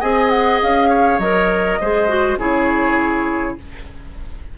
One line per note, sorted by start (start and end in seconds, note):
0.00 0.61 C4
0.00 1.20 G#4
0.00 0.89 D#5
0.00 0.29 G#5
0.29 0.59 F#5
0.62 1.18 C#4
0.62 1.19 F5
0.89 1.78 C#5
1.18 1.78 F#3
1.18 1.81 A#4
1.18 2.38 D#5
1.80 2.36 G#3
1.80 2.08 G#4
1.80 2.39 C5
2.08 2.38 F#4
2.36 3.55 C#3
2.36 3.57 E4
2.36 3.58 G#4
2.36 3.58 C#5